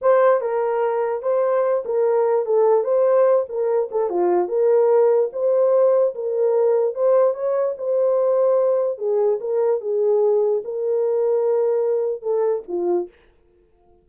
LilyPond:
\new Staff \with { instrumentName = "horn" } { \time 4/4 \tempo 4 = 147 c''4 ais'2 c''4~ | c''8 ais'4. a'4 c''4~ | c''8 ais'4 a'8 f'4 ais'4~ | ais'4 c''2 ais'4~ |
ais'4 c''4 cis''4 c''4~ | c''2 gis'4 ais'4 | gis'2 ais'2~ | ais'2 a'4 f'4 | }